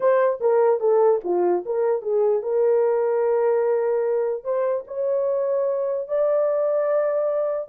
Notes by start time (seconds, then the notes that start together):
0.00 C5
0.40 A#4
0.80 A4
1.24 F4
1.65 A#4
2.02 G#4
2.42 A#4
4.44 C5
4.87 C#5
6.08 D5